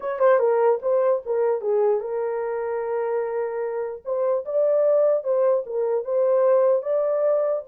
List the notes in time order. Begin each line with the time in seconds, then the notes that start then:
0.00 C#5
0.19 C5
0.39 A#4
0.82 C5
1.25 A#4
1.61 G#4
2.00 A#4
4.04 C5
4.45 D5
5.23 C5
5.66 A#4
6.04 C5
6.82 D5